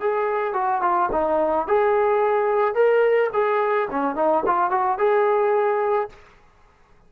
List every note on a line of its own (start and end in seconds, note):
0.00 0.54 G#4
0.54 0.81 F#4
0.81 1.09 F4
1.12 1.67 D#4
1.67 2.74 G#4
2.74 3.30 A#4
3.33 3.88 G#4
3.91 4.15 C#4
4.15 4.43 D#4
4.46 4.71 F4
4.71 4.98 F#4
4.98 6.09 G#4